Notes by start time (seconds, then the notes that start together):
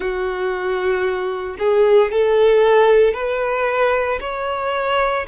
0.00 F#4
1.58 G#4
2.11 A4
3.13 B4
4.20 C#5